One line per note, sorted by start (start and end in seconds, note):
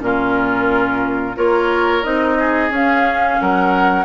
0.00 1.36 A#2
0.00 1.35 C#4
0.00 1.37 F4
0.00 1.37 A#4
1.36 2.04 A#3
1.36 2.03 F4
1.36 2.38 A#4
1.36 2.04 C#5
2.03 2.70 C4
2.03 2.71 D#4
2.03 2.71 D#5
2.39 3.40 G#4
2.70 3.37 C#4
2.70 4.05 C#4
2.70 3.41 F5
3.41 4.05 F#3
3.41 4.05 A#4
3.41 4.05 F#5